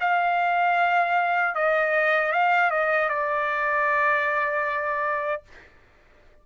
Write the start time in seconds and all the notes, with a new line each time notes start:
0.00 F5
1.55 D#5
2.32 F5
2.71 D#5
3.09 D5